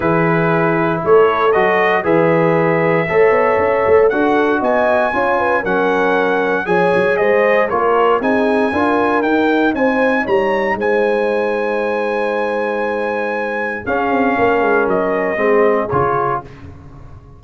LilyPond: <<
  \new Staff \with { instrumentName = "trumpet" } { \time 4/4 \tempo 4 = 117 b'2 cis''4 dis''4 | e''1 | fis''4 gis''2 fis''4~ | fis''4 gis''4 dis''4 cis''4 |
gis''2 g''4 gis''4 | ais''4 gis''2.~ | gis''2. f''4~ | f''4 dis''2 cis''4 | }
  \new Staff \with { instrumentName = "horn" } { \time 4/4 gis'2 a'2 | b'2 cis''2 | a'4 dis''4 cis''8 b'8 ais'4~ | ais'4 cis''4 c''4 ais'4 |
gis'4 ais'2 c''4 | cis''4 c''2.~ | c''2. gis'4 | ais'2 gis'2 | }
  \new Staff \with { instrumentName = "trombone" } { \time 4/4 e'2. fis'4 | gis'2 a'2 | fis'2 f'4 cis'4~ | cis'4 gis'2 f'4 |
dis'4 f'4 dis'2~ | dis'1~ | dis'2. cis'4~ | cis'2 c'4 f'4 | }
  \new Staff \with { instrumentName = "tuba" } { \time 4/4 e2 a4 fis4 | e2 a8 b8 cis'8 a8 | d'4 b4 cis'4 fis4~ | fis4 f8 fis8 gis4 ais4 |
c'4 d'4 dis'4 c'4 | g4 gis2.~ | gis2. cis'8 c'8 | ais8 gis8 fis4 gis4 cis4 | }
>>